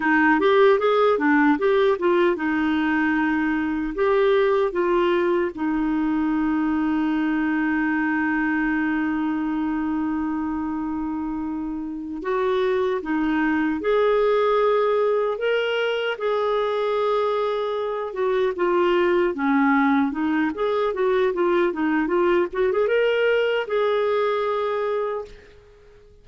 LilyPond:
\new Staff \with { instrumentName = "clarinet" } { \time 4/4 \tempo 4 = 76 dis'8 g'8 gis'8 d'8 g'8 f'8 dis'4~ | dis'4 g'4 f'4 dis'4~ | dis'1~ | dis'2.~ dis'8 fis'8~ |
fis'8 dis'4 gis'2 ais'8~ | ais'8 gis'2~ gis'8 fis'8 f'8~ | f'8 cis'4 dis'8 gis'8 fis'8 f'8 dis'8 | f'8 fis'16 gis'16 ais'4 gis'2 | }